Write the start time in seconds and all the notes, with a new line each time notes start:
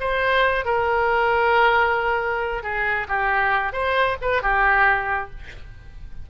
0.00 C5
0.65 A#4
2.63 G#4
3.08 G4
3.73 C5
4.22 B4
4.42 G4